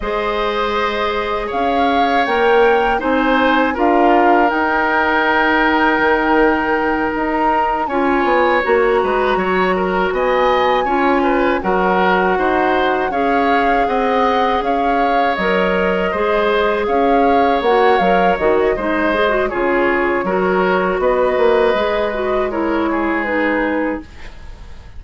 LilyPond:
<<
  \new Staff \with { instrumentName = "flute" } { \time 4/4 \tempo 4 = 80 dis''2 f''4 g''4 | gis''4 f''4 g''2~ | g''4. ais''4 gis''4 ais''8~ | ais''4. gis''2 fis''8~ |
fis''4. f''4 fis''4 f''8~ | f''8 dis''2 f''4 fis''8 | f''8 dis''4. cis''2 | dis''2 cis''4 b'4 | }
  \new Staff \with { instrumentName = "oboe" } { \time 4/4 c''2 cis''2 | c''4 ais'2.~ | ais'2~ ais'8 cis''4. | b'8 cis''8 ais'8 dis''4 cis''8 b'8 ais'8~ |
ais'8 c''4 cis''4 dis''4 cis''8~ | cis''4. c''4 cis''4.~ | cis''4 c''4 gis'4 ais'4 | b'2 ais'8 gis'4. | }
  \new Staff \with { instrumentName = "clarinet" } { \time 4/4 gis'2. ais'4 | dis'4 f'4 dis'2~ | dis'2~ dis'8 f'4 fis'8~ | fis'2~ fis'8 f'4 fis'8~ |
fis'4. gis'2~ gis'8~ | gis'8 ais'4 gis'2 fis'8 | ais'8 fis'8 dis'8 gis'16 fis'16 f'4 fis'4~ | fis'4 gis'8 fis'8 e'4 dis'4 | }
  \new Staff \with { instrumentName = "bassoon" } { \time 4/4 gis2 cis'4 ais4 | c'4 d'4 dis'2 | dis4. dis'4 cis'8 b8 ais8 | gis8 fis4 b4 cis'4 fis8~ |
fis8 dis'4 cis'4 c'4 cis'8~ | cis'8 fis4 gis4 cis'4 ais8 | fis8 dis8 gis4 cis4 fis4 | b8 ais8 gis2. | }
>>